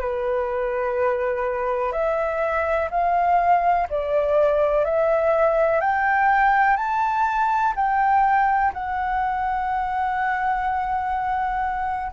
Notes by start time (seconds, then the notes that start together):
0.00 B4
1.92 E5
2.90 F5
3.90 D5
4.85 E5
5.80 G5
6.77 A5
7.76 G5
8.73 F#5